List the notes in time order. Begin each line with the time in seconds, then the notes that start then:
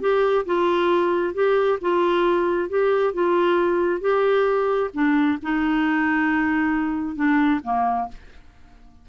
0.00 G4
0.46 F4
1.34 G4
1.81 F4
2.69 G4
3.13 F4
4.01 G4
4.93 D4
5.42 D#4
7.15 D4
7.63 A#3